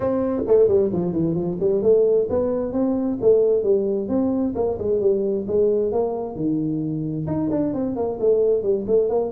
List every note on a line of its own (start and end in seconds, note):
0.00 0.42 C4
0.47 0.68 A3
0.68 0.90 G3
0.92 1.12 F3
1.12 1.34 E3
1.34 1.57 F3
1.60 1.82 G3
1.82 2.28 A3
2.29 2.72 B3
2.72 3.18 C4
3.21 3.63 A3
3.63 4.08 G3
4.08 4.54 C4
4.55 4.77 A#3
4.78 5.00 G#3
5.00 5.45 G3
5.47 5.92 G#3
5.92 6.35 A#3
6.35 7.26 D#3
7.26 7.49 D#4
7.50 7.73 D4
7.73 7.96 C4
7.96 8.18 A#3
8.20 8.62 A3
8.62 8.85 G3
8.87 9.09 A3
9.09 9.31 A#3